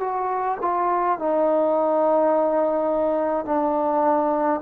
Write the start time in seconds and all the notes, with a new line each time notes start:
0.00 F#4
0.61 F4
1.19 D#4
3.45 D4